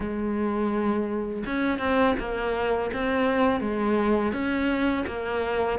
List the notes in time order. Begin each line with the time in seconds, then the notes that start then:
0.00 G#3
1.46 C#4
1.78 C4
2.19 A#3
2.93 C4
3.60 G#3
4.32 C#4
5.06 A#3